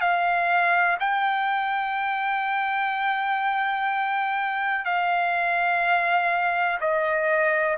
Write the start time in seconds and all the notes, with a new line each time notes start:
0.00 F5
0.99 G5
4.85 F5
6.80 D#5